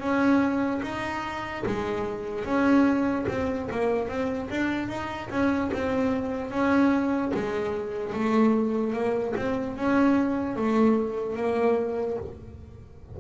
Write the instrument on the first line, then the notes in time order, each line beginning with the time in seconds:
double bass
0.00 C#4
0.83 D#4
1.66 G#3
2.45 C#4
3.28 C4
3.71 A#3
4.09 C4
4.50 D4
4.88 D#4
5.30 C#4
5.73 C4
6.51 C#4
7.35 G#3
8.13 A3
8.93 A#3
9.37 C4
9.76 C#4
10.56 A3
11.36 A#3